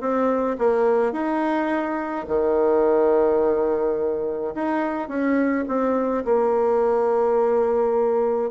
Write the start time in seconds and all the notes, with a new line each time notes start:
0.00 C4
0.58 A#3
1.12 D#4
2.27 D#3
4.54 D#4
5.08 C#4
5.68 C4
6.24 A#3